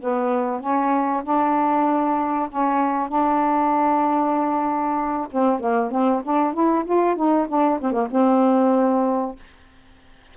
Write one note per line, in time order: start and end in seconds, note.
0.00 0.60 B3
0.60 1.23 C#4
1.24 2.49 D4
2.49 3.09 C#4
3.09 5.27 D4
5.31 5.60 C4
5.60 5.91 A#3
5.91 6.22 C4
6.24 6.53 D4
6.53 6.84 E4
6.85 7.16 F4
7.16 7.47 D#4
7.48 7.79 D4
7.81 7.92 C4
7.92 8.07 A#3
8.11 9.36 C4